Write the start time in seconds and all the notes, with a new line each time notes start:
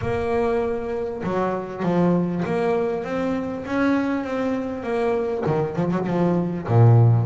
0.01 A#3
1.23 F#3
1.82 F3
2.45 A#3
3.04 C4
3.66 C#4
4.23 C4
4.83 A#3
5.46 D#3
5.76 F3
5.91 F#3
6.06 F3
6.67 A#2